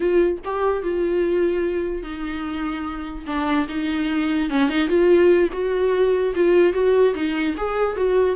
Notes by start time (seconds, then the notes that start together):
0.00 F4
0.44 G4
0.83 F4
2.03 D#4
3.26 D4
3.68 D#4
4.50 C#4
4.69 D#4
4.88 F4
5.52 F#4
6.35 F4
6.73 F#4
7.14 D#4
7.57 G#4
7.96 F#4